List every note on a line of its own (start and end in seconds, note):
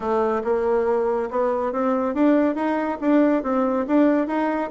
0.00 0.42 A3
0.44 1.29 A#3
1.30 1.72 B3
1.72 2.14 C4
2.14 2.55 D4
2.55 2.98 D#4
3.01 3.43 D4
3.43 3.86 C4
3.87 4.27 D4
4.27 4.70 D#4